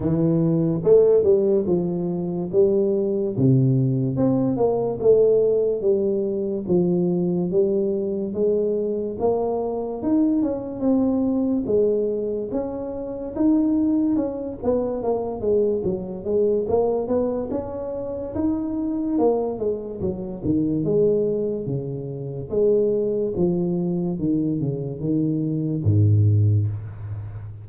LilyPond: \new Staff \with { instrumentName = "tuba" } { \time 4/4 \tempo 4 = 72 e4 a8 g8 f4 g4 | c4 c'8 ais8 a4 g4 | f4 g4 gis4 ais4 | dis'8 cis'8 c'4 gis4 cis'4 |
dis'4 cis'8 b8 ais8 gis8 fis8 gis8 | ais8 b8 cis'4 dis'4 ais8 gis8 | fis8 dis8 gis4 cis4 gis4 | f4 dis8 cis8 dis4 gis,4 | }